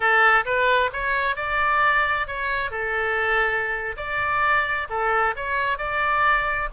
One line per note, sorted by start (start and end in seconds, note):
0.00 0.44 A4
0.45 0.90 B4
0.93 1.36 C#5
1.36 2.27 D5
2.27 2.70 C#5
2.70 3.95 A4
3.96 4.87 D5
4.89 5.35 A4
5.35 5.77 C#5
5.77 6.68 D5